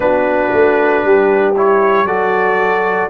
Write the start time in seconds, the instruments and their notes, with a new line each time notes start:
0.00 tuba B3, trombone D4, horn F#4, trumpet B4
0.52 tuba A3
1.03 tuba G3, horn G4
1.56 trombone E4, trumpet C#5
2.05 tuba F#3, trombone F#4, horn A4, trumpet D5